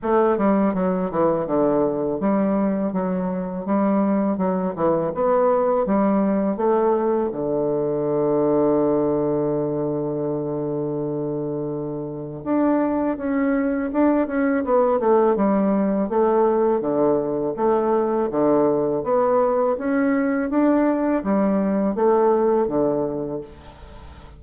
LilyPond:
\new Staff \with { instrumentName = "bassoon" } { \time 4/4 \tempo 4 = 82 a8 g8 fis8 e8 d4 g4 | fis4 g4 fis8 e8 b4 | g4 a4 d2~ | d1~ |
d4 d'4 cis'4 d'8 cis'8 | b8 a8 g4 a4 d4 | a4 d4 b4 cis'4 | d'4 g4 a4 d4 | }